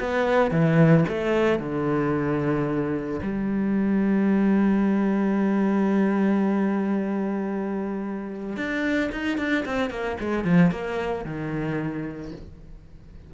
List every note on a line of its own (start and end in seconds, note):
0.00 0.51 B3
0.51 1.05 E3
1.08 1.59 A3
1.59 3.20 D3
3.22 8.57 G3
8.57 9.10 D4
9.12 9.38 D#4
9.38 9.65 D4
9.66 9.90 C4
9.90 10.17 A#3
10.20 10.44 G#3
10.44 10.71 F3
10.71 11.25 A#3
11.25 12.32 D#3